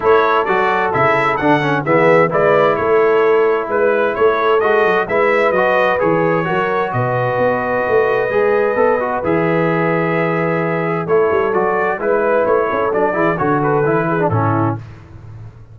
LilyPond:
<<
  \new Staff \with { instrumentName = "trumpet" } { \time 4/4 \tempo 4 = 130 cis''4 d''4 e''4 fis''4 | e''4 d''4 cis''2 | b'4 cis''4 dis''4 e''4 | dis''4 cis''2 dis''4~ |
dis''1 | e''1 | cis''4 d''4 b'4 cis''4 | d''4 cis''8 b'4. a'4 | }
  \new Staff \with { instrumentName = "horn" } { \time 4/4 a'1 | gis'4 b'4 a'2 | b'4 a'2 b'4~ | b'2 ais'4 b'4~ |
b'1~ | b'1 | a'2 b'4. a'8~ | a'8 gis'8 a'4. gis'8 e'4 | }
  \new Staff \with { instrumentName = "trombone" } { \time 4/4 e'4 fis'4 e'4 d'8 cis'8 | b4 e'2.~ | e'2 fis'4 e'4 | fis'4 gis'4 fis'2~ |
fis'2 gis'4 a'8 fis'8 | gis'1 | e'4 fis'4 e'2 | d'8 e'8 fis'4 e'8. d'16 cis'4 | }
  \new Staff \with { instrumentName = "tuba" } { \time 4/4 a4 fis4 cis4 d4 | e4 gis4 a2 | gis4 a4 gis8 fis8 gis4 | fis4 e4 fis4 b,4 |
b4 a4 gis4 b4 | e1 | a8 g8 fis4 gis4 a8 cis'8 | fis8 e8 d4 e4 a,4 | }
>>